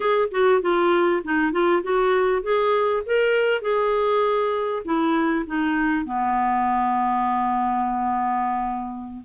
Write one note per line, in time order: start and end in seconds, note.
0.00 0.28 G#4
0.31 0.61 F#4
0.61 1.22 F4
1.24 1.52 D#4
1.52 1.82 F4
1.83 2.42 F#4
2.42 3.02 G#4
3.06 3.61 A#4
3.61 4.83 G#4
4.84 5.45 E4
5.46 6.05 D#4
6.05 9.23 B3